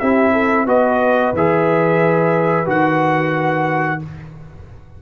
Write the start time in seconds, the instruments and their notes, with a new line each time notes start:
0.00 tuba C4, trombone E4, horn G4, trumpet E5
0.33 horn A4
0.66 tuba B3, trombone F#4, horn B4, trumpet D#5
1.33 tuba E3, trombone G#4, trumpet E5
2.66 tuba D#3, trombone F#4, trumpet F#5